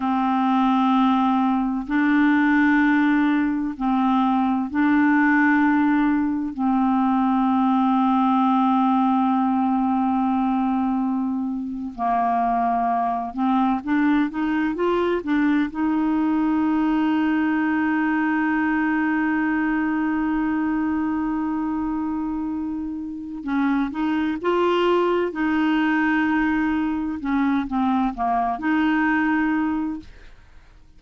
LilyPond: \new Staff \with { instrumentName = "clarinet" } { \time 4/4 \tempo 4 = 64 c'2 d'2 | c'4 d'2 c'4~ | c'1~ | c'8. ais4. c'8 d'8 dis'8 f'16~ |
f'16 d'8 dis'2.~ dis'16~ | dis'1~ | dis'4 cis'8 dis'8 f'4 dis'4~ | dis'4 cis'8 c'8 ais8 dis'4. | }